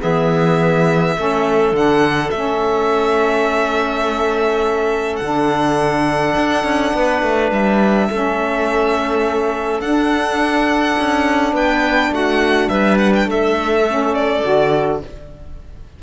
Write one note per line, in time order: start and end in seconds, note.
0.00 1.17 E3
0.00 1.15 B3
0.00 1.16 G#4
0.00 1.76 E5
1.16 1.72 A3
1.16 1.74 C#4
1.16 6.95 A4
1.72 2.30 D3
1.72 2.32 D4
1.72 2.31 F#5
2.31 5.20 A3
2.31 5.22 C#4
2.31 5.16 E5
5.16 6.36 D3
5.16 8.10 D4
5.16 7.47 F#5
6.37 6.64 D4
6.64 6.93 C#4
6.94 7.23 B3
6.94 8.09 B4
7.23 7.51 A3
7.51 8.09 G3
7.51 9.81 E5
8.09 9.80 A3
8.09 9.81 C#4
8.09 11.54 A4
9.80 10.95 D4
9.80 13.85 D4
9.80 11.54 F#5
10.99 11.53 C#4
11.53 12.11 B3
11.53 12.12 B4
11.53 12.14 G5
12.11 12.69 A3
12.11 12.70 F#4
12.11 12.69 F#5
12.69 13.25 G3
12.69 13.28 B4
12.69 12.98 E5
12.98 13.13 F#5
13.16 13.30 G5
13.25 14.41 A3
13.25 15.02 A4
13.25 14.14 E5
13.87 14.43 C#4
14.14 15.01 D5
14.43 15.03 D3
14.43 15.01 F#4